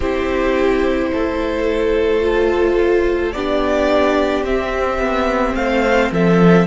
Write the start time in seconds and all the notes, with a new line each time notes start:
0.00 C4 E4 G4 C5
1.12 A3 A4
2.21 F4
3.32 B3 D4 G4 D5
4.43 C4 E5
4.98 B3
5.55 A3 C5 F5
6.11 F3 A4 E5